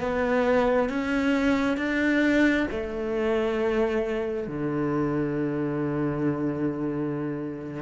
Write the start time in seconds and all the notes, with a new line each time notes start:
0.00 B3
0.89 C#4
1.77 D4
2.71 A3
4.47 D3